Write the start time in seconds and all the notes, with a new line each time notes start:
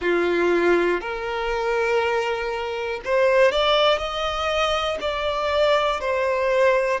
0.01 F4
1.00 A#4
3.05 C5
3.51 D5
3.98 D#5
5.00 D5
6.00 C5